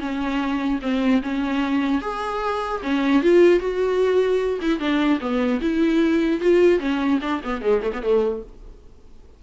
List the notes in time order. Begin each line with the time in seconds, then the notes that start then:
0.00 C#4
0.82 C4
1.23 C#4
2.02 G#4
2.83 C#4
3.23 F4
3.60 F#4
4.62 E4
4.80 D4
5.21 B3
5.61 E4
6.41 F4
6.80 C#4
7.22 D4
7.44 B3
7.62 G#3
7.83 A3
7.93 B3
8.03 A3